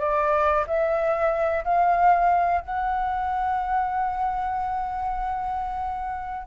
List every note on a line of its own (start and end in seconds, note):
0.00 0.65 D5
0.67 1.64 E5
1.64 2.61 F5
2.61 6.47 F#5